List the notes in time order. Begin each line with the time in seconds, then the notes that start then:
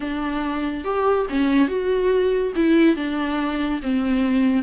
0.00 D4
0.84 G4
1.29 C#4
1.68 F#4
2.55 E4
2.96 D4
3.82 C4